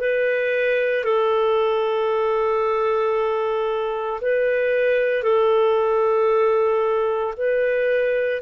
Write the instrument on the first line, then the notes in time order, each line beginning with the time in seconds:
clarinet
0.00 B4
1.04 A4
4.21 B4
5.23 A4
7.37 B4